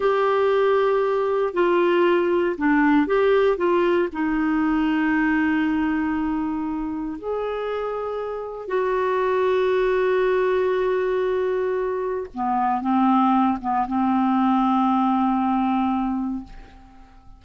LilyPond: \new Staff \with { instrumentName = "clarinet" } { \time 4/4 \tempo 4 = 117 g'2. f'4~ | f'4 d'4 g'4 f'4 | dis'1~ | dis'2 gis'2~ |
gis'4 fis'2.~ | fis'1 | b4 c'4. b8 c'4~ | c'1 | }